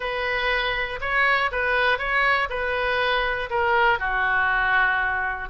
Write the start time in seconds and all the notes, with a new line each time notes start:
0.00 B4
1.00 C#5
1.51 B4
1.98 C#5
2.49 B4
3.50 A#4
3.99 F#4